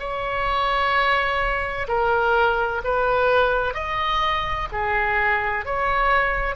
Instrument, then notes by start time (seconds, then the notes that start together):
oboe
0.00 C#5
1.88 A#4
2.84 B4
3.74 D#5
4.72 G#4
5.65 C#5